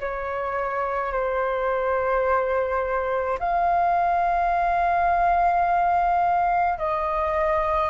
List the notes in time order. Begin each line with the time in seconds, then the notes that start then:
0.00 C#5
1.12 C5
3.39 F5
6.78 D#5